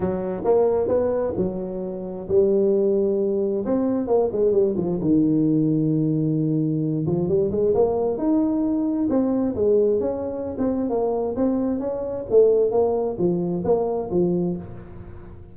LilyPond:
\new Staff \with { instrumentName = "tuba" } { \time 4/4 \tempo 4 = 132 fis4 ais4 b4 fis4~ | fis4 g2. | c'4 ais8 gis8 g8 f8 dis4~ | dis2.~ dis8 f8 |
g8 gis8 ais4 dis'2 | c'4 gis4 cis'4~ cis'16 c'8. | ais4 c'4 cis'4 a4 | ais4 f4 ais4 f4 | }